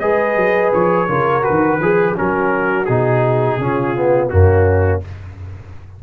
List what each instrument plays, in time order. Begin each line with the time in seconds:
0.00 tuba G#3, trombone G#4, horn B4, trumpet D#5
0.36 tuba F#3
0.73 tuba F3, trumpet C#5
1.08 tuba C#3, trombone F4, horn A#4
1.43 trombone F#4, trumpet B4
1.50 tuba D#3
1.80 tuba F3, horn G#4, trombone G#4
2.15 tuba F#3, trombone C#4, horn F#4, trumpet A#4
2.86 tuba B2, trombone D#4, trumpet G#4
3.58 tuba C#3, trombone C#4, horn F4
3.96 trombone B3
4.29 tuba F#2, trombone A#3, horn C#4, trumpet F#4